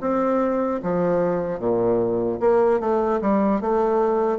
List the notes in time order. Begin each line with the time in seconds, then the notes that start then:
0.00 C4
0.82 F3
1.59 A#2
2.40 A#3
2.80 A3
3.21 G3
3.60 A3